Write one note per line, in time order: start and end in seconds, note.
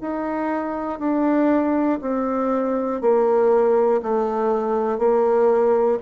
0.00 0.99 D#4
0.99 1.99 D4
2.01 3.00 C4
3.00 4.00 A#3
4.02 4.98 A3
4.98 5.98 A#3